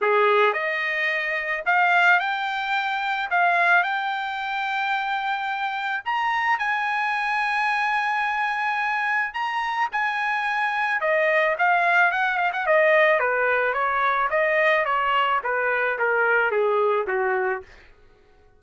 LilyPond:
\new Staff \with { instrumentName = "trumpet" } { \time 4/4 \tempo 4 = 109 gis'4 dis''2 f''4 | g''2 f''4 g''4~ | g''2. ais''4 | gis''1~ |
gis''4 ais''4 gis''2 | dis''4 f''4 fis''8 f''16 fis''16 dis''4 | b'4 cis''4 dis''4 cis''4 | b'4 ais'4 gis'4 fis'4 | }